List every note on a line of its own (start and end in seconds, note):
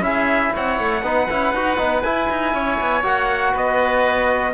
0.00 0.50 C#4
0.00 1.01 E4
0.00 0.53 G#4
0.00 0.53 E5
0.53 0.78 C4
0.53 1.03 C#5
0.53 2.02 F#5
0.78 1.02 A3
1.02 1.27 B3
1.02 1.28 D#4
1.02 2.53 B4
1.29 1.53 C#4
1.29 1.54 E4
1.53 1.78 D#4
1.53 1.77 F#4
1.77 2.03 B3
1.77 2.02 D#4
2.02 2.28 E4
2.02 3.03 E4
2.02 3.02 G#5
2.29 2.54 D#4
2.53 2.79 C#4
2.53 3.52 C#5
2.80 3.03 B3
3.03 3.53 A#3
3.03 4.53 F#4
3.03 3.56 F#5
3.52 4.53 B3
3.52 4.53 B4
3.52 4.53 D#5